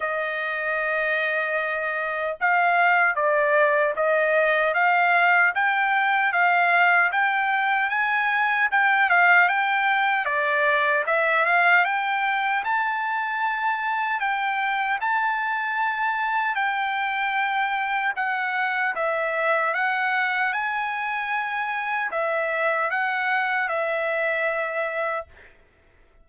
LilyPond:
\new Staff \with { instrumentName = "trumpet" } { \time 4/4 \tempo 4 = 76 dis''2. f''4 | d''4 dis''4 f''4 g''4 | f''4 g''4 gis''4 g''8 f''8 | g''4 d''4 e''8 f''8 g''4 |
a''2 g''4 a''4~ | a''4 g''2 fis''4 | e''4 fis''4 gis''2 | e''4 fis''4 e''2 | }